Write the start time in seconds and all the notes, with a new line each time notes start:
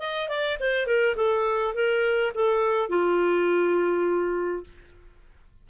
0.00 D#5
0.29 D5
0.60 C5
0.87 A#4
1.17 A4
1.75 A#4
2.35 A4
2.90 F4